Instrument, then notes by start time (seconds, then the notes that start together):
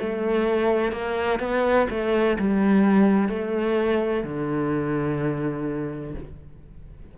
cello
0.00 A3
0.93 A#3
1.40 B3
1.90 A3
2.39 G3
3.29 A3
4.24 D3